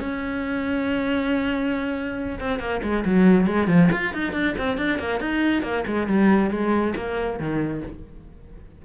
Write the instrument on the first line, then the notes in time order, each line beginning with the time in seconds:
cello
0.00 C#4
2.40 C4
2.59 A#3
2.83 G#3
3.05 F#3
3.47 G#3
3.67 F3
3.92 F4
4.14 D#4
4.33 D4
4.58 C4
4.77 D4
4.99 A#3
5.20 D#4
5.63 A#3
5.87 G#3
6.08 G3
6.51 G#3
6.96 A#3
7.39 D#3